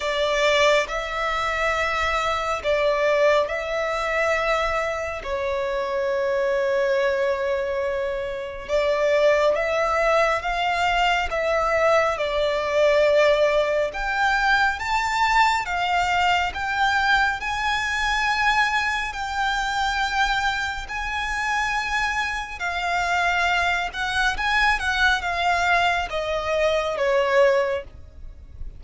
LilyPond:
\new Staff \with { instrumentName = "violin" } { \time 4/4 \tempo 4 = 69 d''4 e''2 d''4 | e''2 cis''2~ | cis''2 d''4 e''4 | f''4 e''4 d''2 |
g''4 a''4 f''4 g''4 | gis''2 g''2 | gis''2 f''4. fis''8 | gis''8 fis''8 f''4 dis''4 cis''4 | }